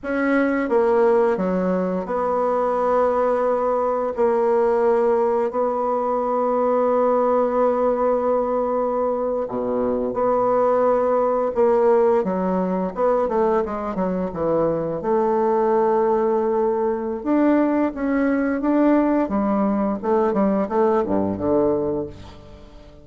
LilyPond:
\new Staff \with { instrumentName = "bassoon" } { \time 4/4 \tempo 4 = 87 cis'4 ais4 fis4 b4~ | b2 ais2 | b1~ | b4.~ b16 b,4 b4~ b16~ |
b8. ais4 fis4 b8 a8 gis16~ | gis16 fis8 e4 a2~ a16~ | a4 d'4 cis'4 d'4 | g4 a8 g8 a8 g,8 d4 | }